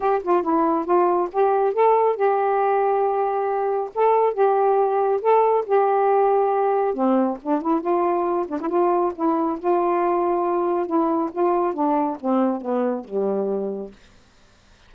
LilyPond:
\new Staff \with { instrumentName = "saxophone" } { \time 4/4 \tempo 4 = 138 g'8 f'8 e'4 f'4 g'4 | a'4 g'2.~ | g'4 a'4 g'2 | a'4 g'2. |
c'4 d'8 e'8 f'4. d'16 e'16 | f'4 e'4 f'2~ | f'4 e'4 f'4 d'4 | c'4 b4 g2 | }